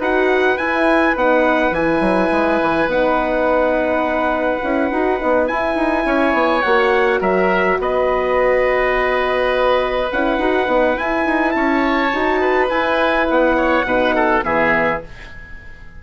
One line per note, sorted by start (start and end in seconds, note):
0.00 0.58 D#4
0.00 0.59 F#4
0.00 6.06 B4
0.00 0.58 F#5
0.58 1.16 E4
0.58 1.16 G#5
1.16 1.71 B3
1.16 1.73 D#4
1.16 1.74 F#5
1.71 2.00 E3
1.71 2.89 E4
1.71 2.90 G#5
2.01 2.30 F#3
2.32 2.61 G#3
2.62 2.87 E3
2.87 4.60 B3
2.87 4.62 D#4
2.87 5.48 F#5
4.63 4.91 C#4
4.63 4.92 E4
4.91 5.20 D#4
4.91 5.20 F#4
5.20 5.50 B3
5.20 5.48 D#4
5.48 6.64 E4
5.48 5.76 E4
5.48 6.63 G#5
5.76 6.05 D#4
6.06 6.34 C#4
6.06 7.21 C#5
6.34 6.63 B3
6.63 7.21 A#3
6.63 10.12 F#4
6.63 7.20 F#5
7.21 7.79 F#3
7.21 7.78 A#4
7.21 7.80 E5
7.80 10.11 B3
7.80 11.56 B4
7.80 10.12 D#5
10.12 10.39 C#4
10.12 10.41 E4
10.12 10.99 F#5
10.39 10.68 D#4
10.39 10.67 F#4
10.67 10.97 B3
10.67 10.96 D#4
10.96 12.12 E4
10.96 11.26 E4
10.96 11.52 G#5
11.26 11.55 D#4
11.52 12.13 C#4
11.52 12.41 C#5
11.52 12.67 A5
12.14 12.71 D#4
12.14 12.71 F#4
12.41 13.57 B4
12.69 13.85 E4
12.69 13.29 E4
12.69 13.27 G#5
13.30 13.85 B3
13.30 14.44 F#5
13.57 13.86 C#5
13.85 14.42 B2
13.85 14.42 D#4
13.85 14.16 B4
14.16 14.45 A4
14.42 15.03 E3
14.42 15.00 B3
14.42 15.03 G#4
14.42 15.02 E5